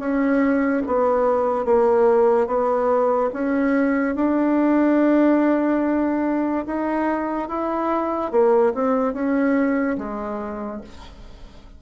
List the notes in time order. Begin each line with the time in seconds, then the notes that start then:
0.00 C#4
0.87 B3
1.66 A#3
2.47 B3
3.34 C#4
4.16 D4
6.67 D#4
7.49 E4
8.32 A#3
8.75 C4
9.14 C#4
9.98 G#3